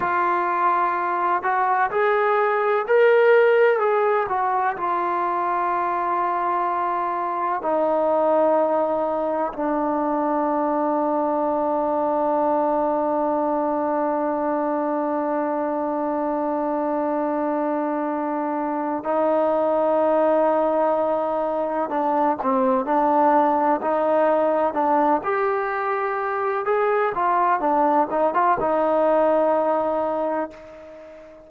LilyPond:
\new Staff \with { instrumentName = "trombone" } { \time 4/4 \tempo 4 = 63 f'4. fis'8 gis'4 ais'4 | gis'8 fis'8 f'2. | dis'2 d'2~ | d'1~ |
d'1 | dis'2. d'8 c'8 | d'4 dis'4 d'8 g'4. | gis'8 f'8 d'8 dis'16 f'16 dis'2 | }